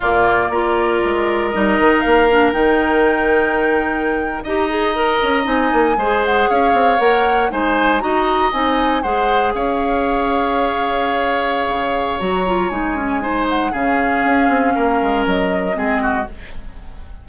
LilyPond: <<
  \new Staff \with { instrumentName = "flute" } { \time 4/4 \tempo 4 = 118 d''2. dis''4 | f''4 g''2.~ | g''8. ais''2 gis''4~ gis''16~ | gis''16 fis''8 f''4 fis''4 gis''4 ais''16~ |
ais''8. gis''4 fis''4 f''4~ f''16~ | f''1 | ais''4 gis''4. fis''8 f''4~ | f''2 dis''2 | }
  \new Staff \with { instrumentName = "oboe" } { \time 4/4 f'4 ais'2.~ | ais'1~ | ais'8. dis''2. c''16~ | c''8. cis''2 c''4 dis''16~ |
dis''4.~ dis''16 c''4 cis''4~ cis''16~ | cis''1~ | cis''2 c''4 gis'4~ | gis'4 ais'2 gis'8 fis'8 | }
  \new Staff \with { instrumentName = "clarinet" } { \time 4/4 ais4 f'2 dis'4~ | dis'8 d'8 dis'2.~ | dis'8. g'8 gis'8 ais'4 dis'4 gis'16~ | gis'4.~ gis'16 ais'4 dis'4 fis'16~ |
fis'8. dis'4 gis'2~ gis'16~ | gis'1 | fis'8 f'8 dis'8 cis'8 dis'4 cis'4~ | cis'2. c'4 | }
  \new Staff \with { instrumentName = "bassoon" } { \time 4/4 ais,4 ais4 gis4 g8 dis8 | ais4 dis2.~ | dis8. dis'4. cis'8 c'8 ais8 gis16~ | gis8. cis'8 c'8 ais4 gis4 dis'16~ |
dis'8. c'4 gis4 cis'4~ cis'16~ | cis'2. cis4 | fis4 gis2 cis4 | cis'8 c'8 ais8 gis8 fis4 gis4 | }
>>